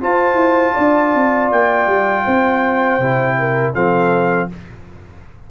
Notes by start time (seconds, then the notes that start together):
0.00 F4 C5 A5
0.34 E4
0.73 D4 D5
1.14 C4
1.51 A#3 G5
1.87 G3
2.24 C4 C5
2.99 C3 E4
3.39 A#4
3.74 F3 C4 A4 F5